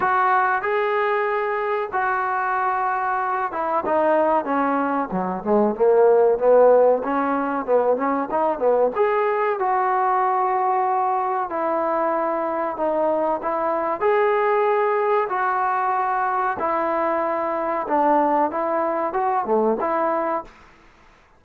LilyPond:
\new Staff \with { instrumentName = "trombone" } { \time 4/4 \tempo 4 = 94 fis'4 gis'2 fis'4~ | fis'4. e'8 dis'4 cis'4 | fis8 gis8 ais4 b4 cis'4 | b8 cis'8 dis'8 b8 gis'4 fis'4~ |
fis'2 e'2 | dis'4 e'4 gis'2 | fis'2 e'2 | d'4 e'4 fis'8 a8 e'4 | }